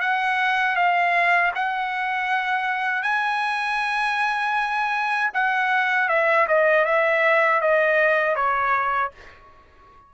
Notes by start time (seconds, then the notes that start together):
0.00 F#5
0.75 F5
1.55 F#5
3.02 G#5
5.34 F#5
6.08 E5
6.48 D#5
6.85 E5
7.61 D#5
8.35 C#5